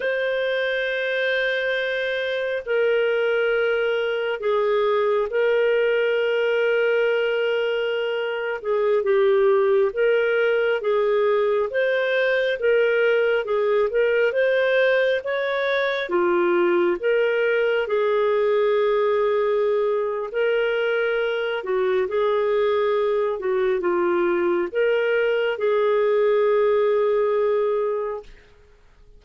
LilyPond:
\new Staff \with { instrumentName = "clarinet" } { \time 4/4 \tempo 4 = 68 c''2. ais'4~ | ais'4 gis'4 ais'2~ | ais'4.~ ais'16 gis'8 g'4 ais'8.~ | ais'16 gis'4 c''4 ais'4 gis'8 ais'16~ |
ais'16 c''4 cis''4 f'4 ais'8.~ | ais'16 gis'2~ gis'8. ais'4~ | ais'8 fis'8 gis'4. fis'8 f'4 | ais'4 gis'2. | }